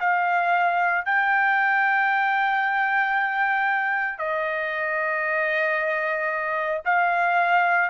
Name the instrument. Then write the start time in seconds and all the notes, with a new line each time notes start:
trumpet
0.00 F5
1.05 G5
4.18 D#5
6.85 F5